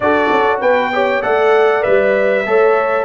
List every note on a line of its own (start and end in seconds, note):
0.00 0.29 D4
0.00 0.93 F#4
0.00 0.60 A4
0.00 0.59 D5
0.31 0.61 C#4
0.60 1.22 B3
0.60 0.90 B4
0.60 1.22 G5
0.93 1.22 G4
0.93 1.23 C#5
1.22 1.84 A3
1.22 1.82 A4
1.22 2.45 D5
1.22 1.83 F#5
1.82 2.46 G3
1.82 2.43 B4
1.82 3.04 E5
2.46 3.04 A3
2.46 3.04 A4
2.46 3.04 C#5